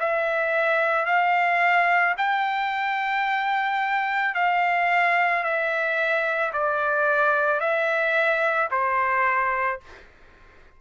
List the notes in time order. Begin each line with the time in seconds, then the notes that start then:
0.00 E5
1.06 F5
2.17 G5
4.35 F5
5.43 E5
6.53 D5
7.60 E5
8.71 C5